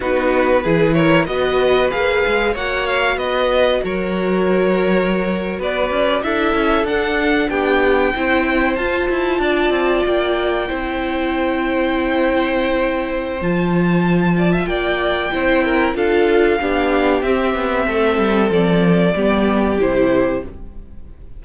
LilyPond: <<
  \new Staff \with { instrumentName = "violin" } { \time 4/4 \tempo 4 = 94 b'4. cis''8 dis''4 f''4 | fis''8 f''8 dis''4 cis''2~ | cis''8. d''4 e''4 fis''4 g''16~ | g''4.~ g''16 a''2 g''16~ |
g''1~ | g''4 a''2 g''4~ | g''4 f''2 e''4~ | e''4 d''2 c''4 | }
  \new Staff \with { instrumentName = "violin" } { \time 4/4 fis'4 gis'8 ais'8 b'2 | cis''4 b'4 ais'2~ | ais'8. b'4 a'2 g'16~ | g'8. c''2 d''4~ d''16~ |
d''8. c''2.~ c''16~ | c''2~ c''8 d''16 e''16 d''4 | c''8 ais'8 a'4 g'2 | a'2 g'2 | }
  \new Staff \with { instrumentName = "viola" } { \time 4/4 dis'4 e'4 fis'4 gis'4 | fis'1~ | fis'4.~ fis'16 e'4 d'4~ d'16~ | d'8. e'4 f'2~ f'16~ |
f'8. e'2.~ e'16~ | e'4 f'2. | e'4 f'4 d'4 c'4~ | c'2 b4 e'4 | }
  \new Staff \with { instrumentName = "cello" } { \time 4/4 b4 e4 b4 ais8 gis8 | ais4 b4 fis2~ | fis8. b8 cis'8 d'8 cis'8 d'4 b16~ | b8. c'4 f'8 e'8 d'8 c'8 ais16~ |
ais8. c'2.~ c'16~ | c'4 f2 ais4 | c'4 d'4 b4 c'8 b8 | a8 g8 f4 g4 c4 | }
>>